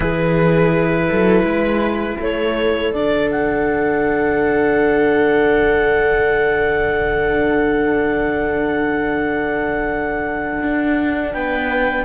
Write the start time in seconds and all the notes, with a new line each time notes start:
0.00 E3 E4 G#4 B4
1.09 F#3 A4
1.43 G#3 B4
2.20 A3 A4 C#5
2.91 D3 D4 D5
3.30 F#5
10.62 D4
11.33 B3 B4 G5